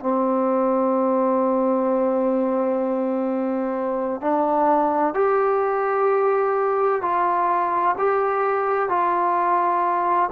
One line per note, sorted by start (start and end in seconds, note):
0.00 4.21 C4
4.21 5.15 D4
5.15 7.02 G4
7.02 7.96 F4
7.99 8.89 G4
8.89 10.30 F4